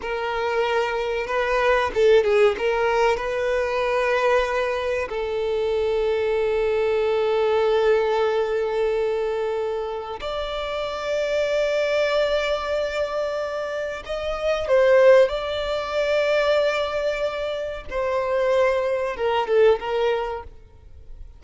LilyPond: \new Staff \with { instrumentName = "violin" } { \time 4/4 \tempo 4 = 94 ais'2 b'4 a'8 gis'8 | ais'4 b'2. | a'1~ | a'1 |
d''1~ | d''2 dis''4 c''4 | d''1 | c''2 ais'8 a'8 ais'4 | }